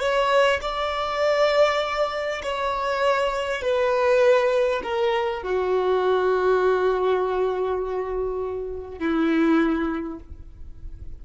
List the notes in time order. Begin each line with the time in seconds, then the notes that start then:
0.00 C#5
0.62 D5
2.43 C#5
3.61 B4
4.83 A#4
5.42 F#4
8.99 E4